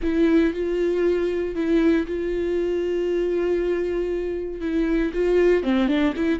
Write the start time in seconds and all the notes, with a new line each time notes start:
0.02 E4
0.53 F4
1.55 E4
2.07 F4
4.60 E4
5.13 F4
5.63 C4
5.88 D4
6.15 E4